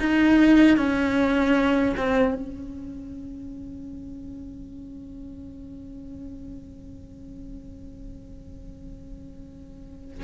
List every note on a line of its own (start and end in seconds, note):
0.00 0.77 D#4
0.77 1.96 C#4
1.97 2.35 C4
2.35 10.25 C#4